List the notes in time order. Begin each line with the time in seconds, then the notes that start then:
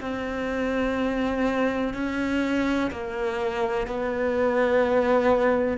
0.00 C4
1.94 C#4
2.91 A#3
3.87 B3